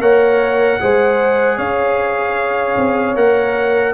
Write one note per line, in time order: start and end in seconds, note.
0.00 0.79 A#3
0.00 0.80 A#4
0.00 0.79 C#5
0.00 1.58 F#5
0.80 1.58 G#3
0.80 3.16 G#4
0.80 1.57 C5
1.57 2.77 C#4
1.57 3.94 C#5
1.57 3.16 F5
2.77 3.16 C4
3.16 3.94 A#3
3.16 3.94 A#4
3.16 3.94 F#5